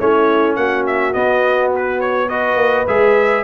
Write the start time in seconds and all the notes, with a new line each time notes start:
0.00 A3 C#4 E4 C#5
0.56 A#3 F#4 F#5
0.87 E5
1.14 B3 D#5
1.76 B4
2.01 C#5
2.29 F#4 B4 D#5
2.56 A#3
2.87 G#3 G#4 E5